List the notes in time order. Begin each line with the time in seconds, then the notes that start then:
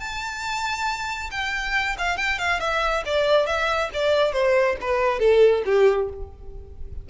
0.00 A5
1.31 G5
1.98 F5
2.17 G5
2.39 F5
2.60 E5
3.06 D5
3.47 E5
3.93 D5
4.33 C5
4.81 B4
5.20 A4
5.66 G4